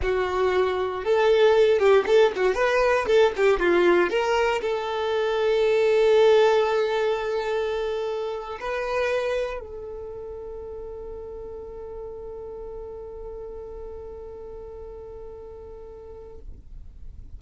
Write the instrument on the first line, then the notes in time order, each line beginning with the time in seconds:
violin
0.02 F#4
1.04 A4
1.79 G4
2.06 A4
2.36 F#4
2.54 B4
3.07 A4
3.36 G4
3.59 F4
4.10 A#4
4.61 A4
8.59 B4
9.59 A4